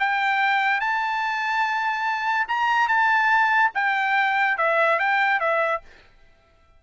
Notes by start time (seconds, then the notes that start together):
0.00 G5
0.81 A5
2.48 A#5
2.88 A5
3.75 G5
4.58 E5
5.00 G5
5.40 E5